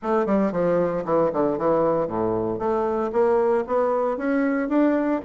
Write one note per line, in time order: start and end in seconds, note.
0.02 0.26 A3
0.26 0.51 G3
0.51 1.04 F3
1.05 1.31 E3
1.33 1.58 D3
1.58 2.07 E3
2.07 2.58 A2
2.58 3.10 A3
3.12 3.64 A#3
3.66 4.17 B3
4.17 4.69 C#4
4.69 5.21 D4